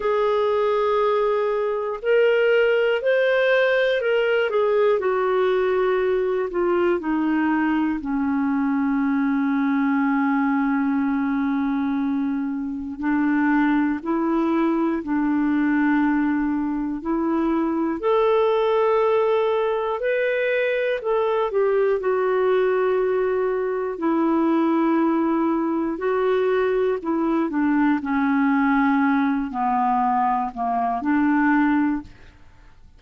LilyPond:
\new Staff \with { instrumentName = "clarinet" } { \time 4/4 \tempo 4 = 60 gis'2 ais'4 c''4 | ais'8 gis'8 fis'4. f'8 dis'4 | cis'1~ | cis'4 d'4 e'4 d'4~ |
d'4 e'4 a'2 | b'4 a'8 g'8 fis'2 | e'2 fis'4 e'8 d'8 | cis'4. b4 ais8 d'4 | }